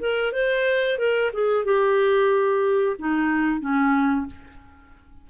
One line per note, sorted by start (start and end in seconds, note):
0.00 0.33 A#4
0.33 0.99 C5
0.99 1.32 A#4
1.33 1.65 G#4
1.65 2.97 G4
2.99 3.61 D#4
3.61 4.27 C#4